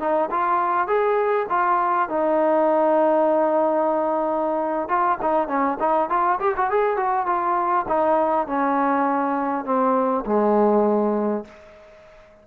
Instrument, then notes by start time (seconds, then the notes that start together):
trombone
0.00 D#4
0.31 F4
0.87 G#4
1.50 F4
2.09 D#4
4.89 F4
5.22 D#4
5.48 C#4
5.80 D#4
6.10 F4
6.40 G4
6.57 F#4
6.70 G#4
6.97 F#4
7.27 F4
7.88 D#4
8.47 C#4
9.65 C4
10.26 G#3